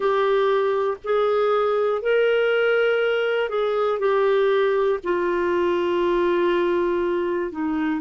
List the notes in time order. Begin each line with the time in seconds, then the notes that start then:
0.00 G4
1.04 G#4
2.02 A#4
3.49 G#4
3.99 G4
5.03 F4
7.51 D#4